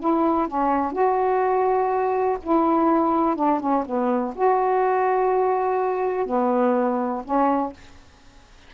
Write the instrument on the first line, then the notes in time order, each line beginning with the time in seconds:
saxophone
0.00 E4
0.48 C#4
0.93 F#4
2.43 E4
3.36 D4
3.61 C#4
3.86 B3
4.36 F#4
6.26 B3
7.25 C#4